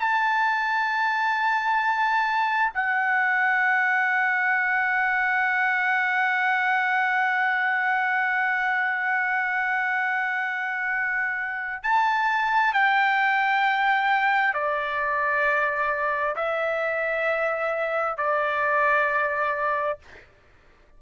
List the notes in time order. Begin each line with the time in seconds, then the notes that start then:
0.00 A5
2.74 F#5
11.83 A5
12.73 G5
14.54 D5
16.36 E5
18.17 D5